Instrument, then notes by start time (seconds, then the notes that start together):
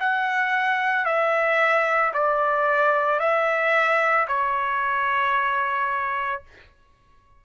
trumpet
0.00 F#5
1.05 E5
2.14 D5
3.19 E5
4.28 C#5